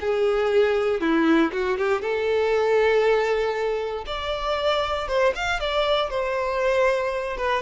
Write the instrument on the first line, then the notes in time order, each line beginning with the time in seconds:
violin
0.00 G#4
1.01 E4
1.52 F#4
1.78 G4
2.01 A4
4.06 D5
5.08 C5
5.35 F5
5.60 D5
6.10 C5
7.37 B4